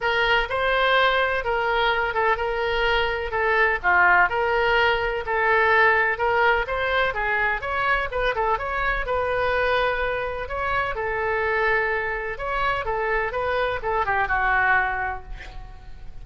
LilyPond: \new Staff \with { instrumentName = "oboe" } { \time 4/4 \tempo 4 = 126 ais'4 c''2 ais'4~ | ais'8 a'8 ais'2 a'4 | f'4 ais'2 a'4~ | a'4 ais'4 c''4 gis'4 |
cis''4 b'8 a'8 cis''4 b'4~ | b'2 cis''4 a'4~ | a'2 cis''4 a'4 | b'4 a'8 g'8 fis'2 | }